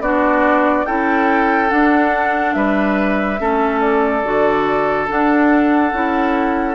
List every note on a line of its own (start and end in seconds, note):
0.00 0.85 B3
0.00 0.86 D4
0.00 0.86 F#4
0.00 0.86 D5
0.86 1.71 C#4
0.86 1.69 E4
0.86 2.55 A4
0.86 1.70 G5
1.69 3.38 D4
1.69 2.55 D4
1.69 2.53 F#5
2.53 3.40 G3
2.53 3.40 B4
2.53 3.80 E5
3.38 4.24 A3
3.38 4.23 C#4
3.38 6.74 A4
3.81 5.07 D5
4.24 5.08 D3
4.24 5.08 F#4
5.08 5.92 D4
5.08 6.74 F#5
5.92 6.74 C#4
5.92 6.74 E4